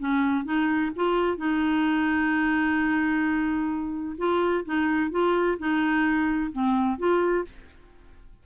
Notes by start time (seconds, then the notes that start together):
0.00 C#4
0.45 D#4
0.96 F4
1.38 D#4
4.18 F4
4.65 D#4
5.12 F4
5.59 D#4
6.52 C4
6.99 F4